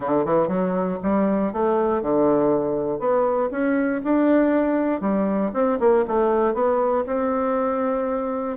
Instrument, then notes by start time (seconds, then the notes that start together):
bassoon
0.00 D3
0.25 E3
0.48 F#3
1.02 G3
1.52 A3
2.02 D3
2.99 B3
3.51 C#4
4.04 D4
5.01 G3
5.53 C4
5.79 A#3
6.07 A3
6.53 B3
7.06 C4